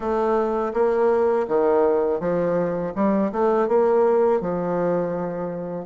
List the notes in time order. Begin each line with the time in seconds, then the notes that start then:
0.00 A3
0.73 A#3
1.47 D#3
2.20 F3
2.95 G3
3.32 A3
3.68 A#3
4.41 F3